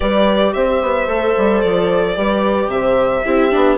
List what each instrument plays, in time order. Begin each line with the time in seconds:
0.00 bassoon G3, viola G4, horn B4, violin D5
0.53 bassoon C4, horn C5, violin E5
0.82 bassoon B3
1.07 bassoon A3, viola A4
1.37 bassoon G3
1.61 bassoon F3, violin D5
2.14 bassoon G3, viola G4, horn B4
2.67 bassoon C3, horn C5, violin E5
3.24 bassoon C4, viola E4, horn G4
3.50 bassoon B3, viola D4